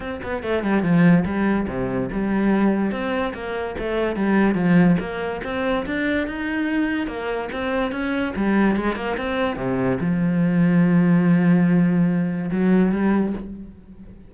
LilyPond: \new Staff \with { instrumentName = "cello" } { \time 4/4 \tempo 4 = 144 c'8 b8 a8 g8 f4 g4 | c4 g2 c'4 | ais4 a4 g4 f4 | ais4 c'4 d'4 dis'4~ |
dis'4 ais4 c'4 cis'4 | g4 gis8 ais8 c'4 c4 | f1~ | f2 fis4 g4 | }